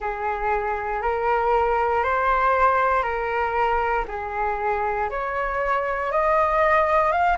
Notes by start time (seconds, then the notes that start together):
0.00 G#4
1.02 A#4
2.03 C5
3.02 A#4
4.08 G#4
5.09 C#5
6.11 D#5
7.11 F5